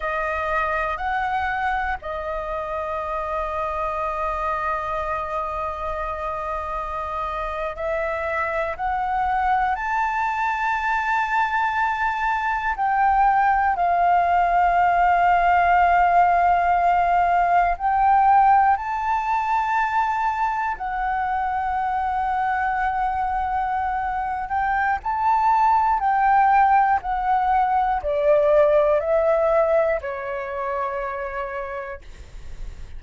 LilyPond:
\new Staff \with { instrumentName = "flute" } { \time 4/4 \tempo 4 = 60 dis''4 fis''4 dis''2~ | dis''2.~ dis''8. e''16~ | e''8. fis''4 a''2~ a''16~ | a''8. g''4 f''2~ f''16~ |
f''4.~ f''16 g''4 a''4~ a''16~ | a''8. fis''2.~ fis''16~ | fis''8 g''8 a''4 g''4 fis''4 | d''4 e''4 cis''2 | }